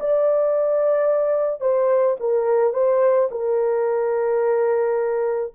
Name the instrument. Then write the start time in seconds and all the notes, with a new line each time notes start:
horn
0.00 D5
1.61 C5
2.20 A#4
2.73 C5
3.31 A#4